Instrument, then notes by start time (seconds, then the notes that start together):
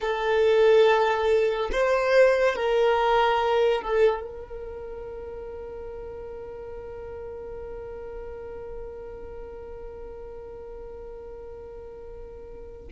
violin
0.00 A4
1.72 C5
2.55 A#4
3.81 A4
4.21 A#4